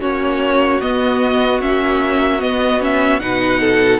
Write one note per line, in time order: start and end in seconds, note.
0.00 0.81 A#3
0.00 0.80 C#4
0.00 3.20 F#4
0.00 0.81 C#5
0.81 1.60 B3
0.81 1.62 B3
0.81 1.61 D#5
1.60 2.42 A#3
1.60 2.39 C#4
1.60 2.41 E5
2.39 2.79 B3
2.39 3.20 B3
2.39 2.81 D#5
2.80 3.20 C#4
2.80 3.20 E5
3.20 4.00 B2
3.20 4.00 D#4
3.20 3.60 B4
3.20 4.00 F#5
3.60 4.00 A4